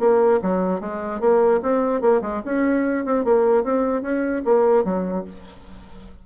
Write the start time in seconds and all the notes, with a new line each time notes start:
0.00 A#3
0.42 F#3
0.81 G#3
1.21 A#3
1.63 C4
2.02 A#3
2.22 G#3
2.45 C#4
3.05 C4
3.25 A#3
3.64 C4
4.02 C#4
4.45 A#3
4.84 F#3